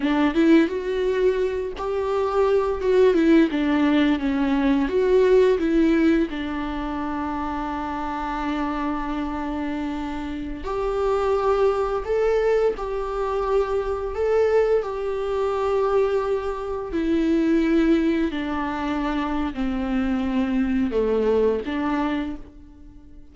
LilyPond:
\new Staff \with { instrumentName = "viola" } { \time 4/4 \tempo 4 = 86 d'8 e'8 fis'4. g'4. | fis'8 e'8 d'4 cis'4 fis'4 | e'4 d'2.~ | d'2.~ d'16 g'8.~ |
g'4~ g'16 a'4 g'4.~ g'16~ | g'16 a'4 g'2~ g'8.~ | g'16 e'2 d'4.~ d'16 | c'2 a4 d'4 | }